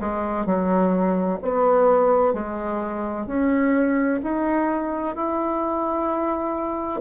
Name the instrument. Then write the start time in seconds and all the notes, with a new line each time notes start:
bassoon
0.00 G#3
0.46 F#3
1.42 B3
2.34 G#3
3.27 C#4
4.23 D#4
5.16 E4